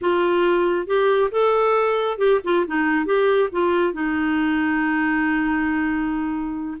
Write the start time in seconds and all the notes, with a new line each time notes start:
0.01 F4
0.86 G4
1.31 A4
2.18 G4
2.44 F4
2.66 D#4
3.05 G4
3.52 F4
3.93 D#4